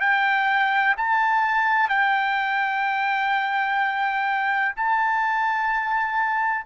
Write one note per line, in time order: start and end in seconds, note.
0.00 0.95 G5
0.97 1.89 A5
1.89 4.74 G5
4.76 6.65 A5